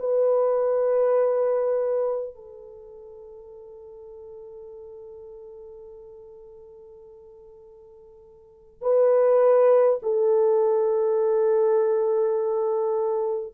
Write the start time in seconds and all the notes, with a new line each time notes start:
0.00 B4
2.35 A4
8.82 B4
10.03 A4